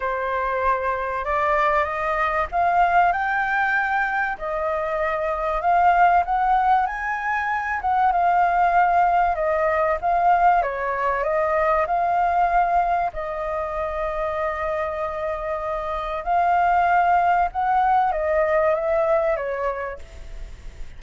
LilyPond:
\new Staff \with { instrumentName = "flute" } { \time 4/4 \tempo 4 = 96 c''2 d''4 dis''4 | f''4 g''2 dis''4~ | dis''4 f''4 fis''4 gis''4~ | gis''8 fis''8 f''2 dis''4 |
f''4 cis''4 dis''4 f''4~ | f''4 dis''2.~ | dis''2 f''2 | fis''4 dis''4 e''4 cis''4 | }